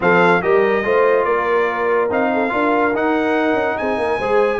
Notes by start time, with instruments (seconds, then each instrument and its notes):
0.00 tuba F3, trombone C4, horn A4, trumpet F5
0.41 tuba G3, trombone G4, horn A#4, trumpet D#5
0.84 tuba A3, trombone F4, horn C5
1.24 tuba A#3, horn A#4, trumpet D5
2.10 tuba C4, trombone D#4, trumpet F5
2.33 horn A4
2.49 tuba D4, trombone F4, horn A#4
2.94 tuba D#4, trombone D#4, trumpet F#5
3.53 tuba C#4
3.77 tuba C4, horn G#4, trumpet G#5
3.97 tuba A#3, horn A#4
4.17 tuba G#3, trombone G#4, horn C5